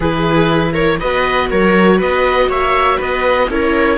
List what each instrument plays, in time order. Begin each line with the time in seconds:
0.00 cello E3, viola E4 G#4, oboe B4
0.73 viola A#4, oboe C#5
0.99 cello B3, viola F#4 B4, oboe D#5
1.49 cello F#3, viola A#4, oboe C#5
1.98 cello B3, viola B4, oboe D#5
2.47 cello A#3, viola C#5, oboe E5
2.97 cello B3, viola B4, oboe D#5
3.49 cello C#4, viola E4 A#4, oboe C#5